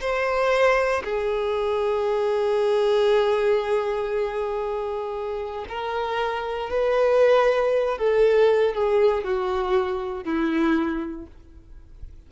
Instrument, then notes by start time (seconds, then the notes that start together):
violin
0.00 C5
1.04 G#4
5.69 A#4
6.69 B4
7.98 A4
8.74 G#4
9.24 F#4
10.24 E4